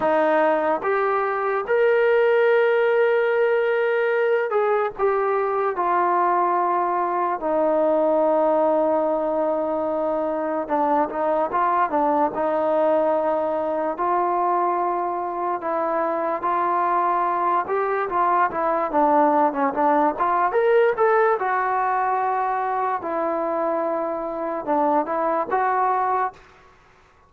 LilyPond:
\new Staff \with { instrumentName = "trombone" } { \time 4/4 \tempo 4 = 73 dis'4 g'4 ais'2~ | ais'4. gis'8 g'4 f'4~ | f'4 dis'2.~ | dis'4 d'8 dis'8 f'8 d'8 dis'4~ |
dis'4 f'2 e'4 | f'4. g'8 f'8 e'8 d'8. cis'16 | d'8 f'8 ais'8 a'8 fis'2 | e'2 d'8 e'8 fis'4 | }